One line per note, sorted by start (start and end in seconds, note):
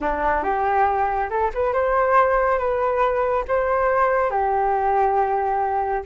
0.00 0.43 D4
0.43 1.29 G4
1.29 1.51 A4
1.53 1.73 B4
1.73 2.58 C5
2.58 3.44 B4
3.48 4.30 C5
4.30 6.03 G4